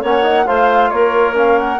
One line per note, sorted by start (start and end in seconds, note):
0.00 0.46 A#3
0.00 0.23 C#4
0.00 0.44 C#5
0.00 0.46 F#5
0.23 0.45 D#4
0.46 0.91 A3
0.46 1.34 F4
0.46 0.90 C5
0.46 0.90 F5
0.90 1.79 A#3
0.90 1.79 A#4
0.90 1.34 C#5
1.34 1.78 C#4
1.34 1.58 F5
1.58 1.79 F#5